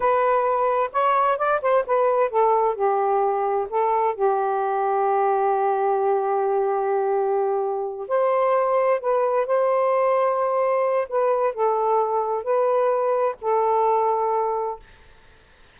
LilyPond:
\new Staff \with { instrumentName = "saxophone" } { \time 4/4 \tempo 4 = 130 b'2 cis''4 d''8 c''8 | b'4 a'4 g'2 | a'4 g'2.~ | g'1~ |
g'4. c''2 b'8~ | b'8 c''2.~ c''8 | b'4 a'2 b'4~ | b'4 a'2. | }